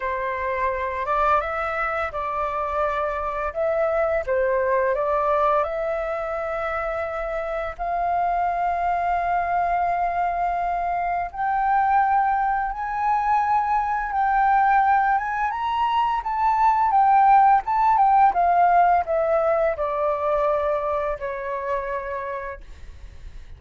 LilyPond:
\new Staff \with { instrumentName = "flute" } { \time 4/4 \tempo 4 = 85 c''4. d''8 e''4 d''4~ | d''4 e''4 c''4 d''4 | e''2. f''4~ | f''1 |
g''2 gis''2 | g''4. gis''8 ais''4 a''4 | g''4 a''8 g''8 f''4 e''4 | d''2 cis''2 | }